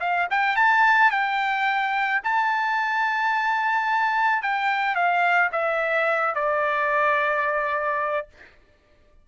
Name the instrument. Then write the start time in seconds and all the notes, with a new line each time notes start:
trumpet
0.00 F5
0.30 G5
0.56 A5
1.11 G5
2.23 A5
4.42 G5
4.95 F5
5.52 E5
6.35 D5